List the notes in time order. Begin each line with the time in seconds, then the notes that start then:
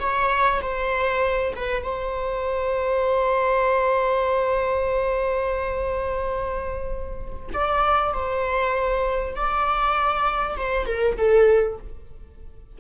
0.00 C#5
0.62 C5
1.56 B4
1.83 C5
7.54 D5
8.13 C5
9.36 D5
10.57 C5
10.86 A#4
11.17 A4